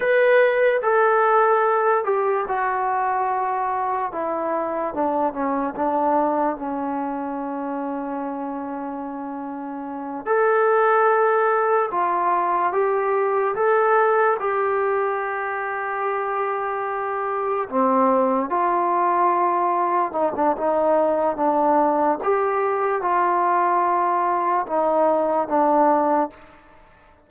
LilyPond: \new Staff \with { instrumentName = "trombone" } { \time 4/4 \tempo 4 = 73 b'4 a'4. g'8 fis'4~ | fis'4 e'4 d'8 cis'8 d'4 | cis'1~ | cis'8 a'2 f'4 g'8~ |
g'8 a'4 g'2~ g'8~ | g'4. c'4 f'4.~ | f'8 dis'16 d'16 dis'4 d'4 g'4 | f'2 dis'4 d'4 | }